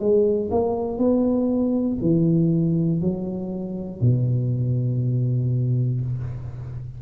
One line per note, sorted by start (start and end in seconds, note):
0.00 0.50 G#3
0.51 0.98 A#3
0.98 1.98 B3
2.01 3.01 E3
3.01 4.01 F#3
4.01 6.01 B2